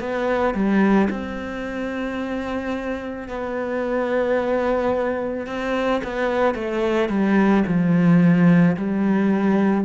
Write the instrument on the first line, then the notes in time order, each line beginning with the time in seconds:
cello
0.00 B3
0.54 G3
1.10 C4
3.28 B3
5.47 C4
6.04 B3
6.55 A3
7.09 G3
7.67 F3
8.77 G3